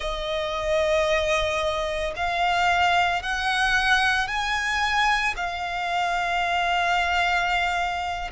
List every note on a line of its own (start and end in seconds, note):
0.00 2.13 D#5
2.16 3.22 F5
3.22 4.27 F#5
4.27 5.34 G#5
5.36 8.30 F5